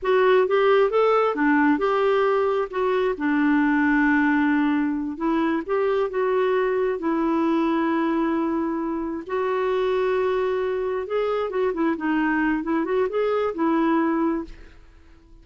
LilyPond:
\new Staff \with { instrumentName = "clarinet" } { \time 4/4 \tempo 4 = 133 fis'4 g'4 a'4 d'4 | g'2 fis'4 d'4~ | d'2.~ d'8 e'8~ | e'8 g'4 fis'2 e'8~ |
e'1~ | e'8 fis'2.~ fis'8~ | fis'8 gis'4 fis'8 e'8 dis'4. | e'8 fis'8 gis'4 e'2 | }